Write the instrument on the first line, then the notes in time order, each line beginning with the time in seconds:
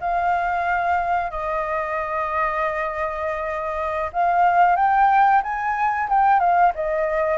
flute
0.00 F5
1.30 D#5
4.13 F5
4.76 G5
5.42 G#5
6.09 G5
6.39 F5
6.74 D#5